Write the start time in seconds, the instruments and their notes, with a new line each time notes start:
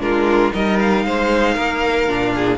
0.00 cello G#3, viola D4, violin F4 A#4
0.54 cello G3, viola D#4, violin A#4 D#5
0.80 violin F5
1.05 cello G#3, violin C5
1.55 cello A#3, violin A#4
2.08 cello A#2, viola D4
2.35 violin G#4